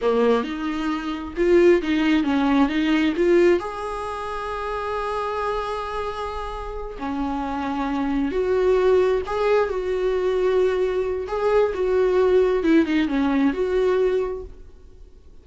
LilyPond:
\new Staff \with { instrumentName = "viola" } { \time 4/4 \tempo 4 = 133 ais4 dis'2 f'4 | dis'4 cis'4 dis'4 f'4 | gis'1~ | gis'2.~ gis'8 cis'8~ |
cis'2~ cis'8 fis'4.~ | fis'8 gis'4 fis'2~ fis'8~ | fis'4 gis'4 fis'2 | e'8 dis'8 cis'4 fis'2 | }